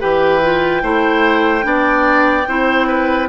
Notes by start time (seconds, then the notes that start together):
0.00 E3 G4 B4 G5
0.42 F4
0.83 A3 E4 C5
1.62 B3 D4 D5
2.48 C4 E4 C5
2.88 B4